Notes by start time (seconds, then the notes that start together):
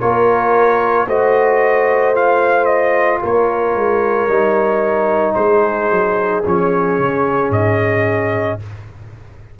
0.00 A#3 F4 A#4 C#5
1.07 A3 F#4 C5 D#5
2.15 F4 F5
2.65 D#5
3.22 A#3 A#4 C#5
3.75 G#3
4.28 G3 D#4
5.34 G#3 G#4 C5
5.91 F#3
6.46 F3 C#4 C#5
6.98 C#3
7.51 G#2 D#5